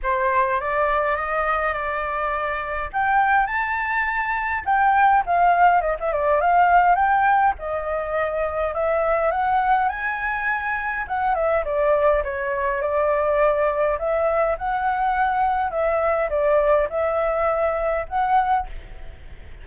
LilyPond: \new Staff \with { instrumentName = "flute" } { \time 4/4 \tempo 4 = 103 c''4 d''4 dis''4 d''4~ | d''4 g''4 a''2 | g''4 f''4 dis''16 e''16 d''8 f''4 | g''4 dis''2 e''4 |
fis''4 gis''2 fis''8 e''8 | d''4 cis''4 d''2 | e''4 fis''2 e''4 | d''4 e''2 fis''4 | }